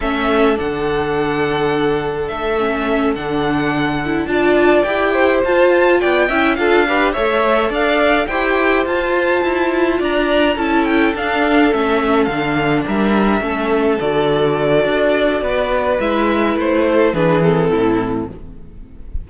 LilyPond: <<
  \new Staff \with { instrumentName = "violin" } { \time 4/4 \tempo 4 = 105 e''4 fis''2. | e''4. fis''2 a''8~ | a''8 g''4 a''4 g''4 f''8~ | f''8 e''4 f''4 g''4 a''8~ |
a''4. ais''4 a''8 g''8 f''8~ | f''8 e''4 f''4 e''4.~ | e''8 d''2.~ d''8 | e''4 c''4 b'8 a'4. | }
  \new Staff \with { instrumentName = "violin" } { \time 4/4 a'1~ | a'2.~ a'8 d''8~ | d''4 c''4. d''8 e''8 a'8 | b'8 cis''4 d''4 c''4.~ |
c''4. d''4 a'4.~ | a'2~ a'8 ais'4 a'8~ | a'2. b'4~ | b'4. a'8 gis'4 e'4 | }
  \new Staff \with { instrumentName = "viola" } { \time 4/4 cis'4 d'2.~ | d'8 cis'4 d'4. e'8 f'8~ | f'8 g'4 f'4. e'8 f'8 | g'8 a'2 g'4 f'8~ |
f'2~ f'8 e'4 d'8~ | d'8 cis'4 d'2 cis'8~ | cis'8 fis'2.~ fis'8 | e'2 d'8 c'4. | }
  \new Staff \with { instrumentName = "cello" } { \time 4/4 a4 d2. | a4. d2 d'8~ | d'8 e'4 f'4 b8 cis'8 d'8~ | d'8 a4 d'4 e'4 f'8~ |
f'8 e'4 d'4 cis'4 d'8~ | d'8 a4 d4 g4 a8~ | a8 d4. d'4 b4 | gis4 a4 e4 a,4 | }
>>